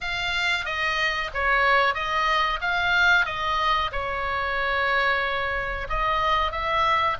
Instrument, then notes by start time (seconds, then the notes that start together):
oboe
0.00 F5
0.65 D#5
1.34 C#5
1.94 D#5
2.61 F5
3.25 D#5
3.92 C#5
5.89 D#5
6.51 E5